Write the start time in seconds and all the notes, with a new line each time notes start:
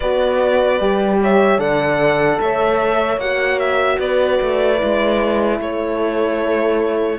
0.00 B3 F#4 B4 D5
0.80 G3 G4
1.21 C#5 E5
1.58 D3 A4 D5 F#5
2.40 A3 C#5 E5
3.17 A#3 F#4 F#5
3.58 E5
3.99 B3 B4 D5
4.41 A3
4.77 G#3 E4
5.59 A3 A4 C#5